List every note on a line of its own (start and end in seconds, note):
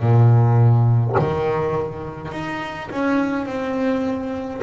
0.00 1.15 A#2
1.19 2.32 D#3
2.32 2.90 D#4
2.91 3.46 C#4
3.46 4.61 C4